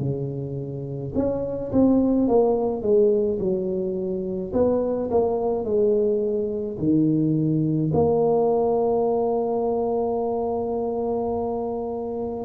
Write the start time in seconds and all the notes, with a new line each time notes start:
0.00 C#3
1.15 C#4
1.72 C4
2.28 A#3
2.83 G#3
3.39 F#3
4.53 B3
5.10 A#3
5.65 G#3
6.78 D#3
7.93 A#3